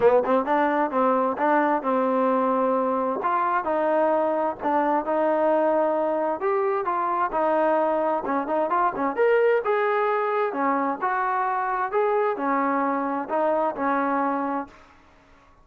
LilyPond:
\new Staff \with { instrumentName = "trombone" } { \time 4/4 \tempo 4 = 131 b8 c'8 d'4 c'4 d'4 | c'2. f'4 | dis'2 d'4 dis'4~ | dis'2 g'4 f'4 |
dis'2 cis'8 dis'8 f'8 cis'8 | ais'4 gis'2 cis'4 | fis'2 gis'4 cis'4~ | cis'4 dis'4 cis'2 | }